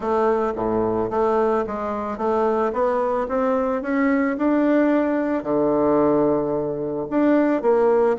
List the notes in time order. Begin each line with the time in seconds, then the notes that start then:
0.00 A3
0.55 A2
1.10 A3
1.66 G#3
2.17 A3
2.72 B3
3.28 C4
3.82 C#4
4.37 D4
5.43 D3
7.10 D4
7.62 A#3